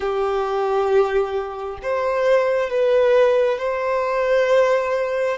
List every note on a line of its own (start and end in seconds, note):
0.00 1.78 G4
1.82 2.69 C5
2.69 3.58 B4
3.58 5.37 C5